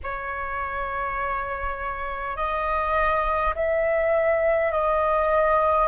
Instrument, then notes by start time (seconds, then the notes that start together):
flute
0.03 C#5
2.36 D#5
3.55 E5
4.71 D#5